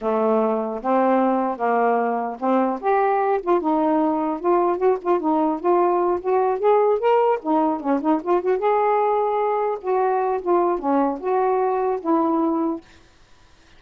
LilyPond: \new Staff \with { instrumentName = "saxophone" } { \time 4/4 \tempo 4 = 150 a2 c'2 | ais2 c'4 g'4~ | g'8 f'8 dis'2 f'4 | fis'8 f'8 dis'4 f'4. fis'8~ |
fis'8 gis'4 ais'4 dis'4 cis'8 | dis'8 f'8 fis'8 gis'2~ gis'8~ | gis'8 fis'4. f'4 cis'4 | fis'2 e'2 | }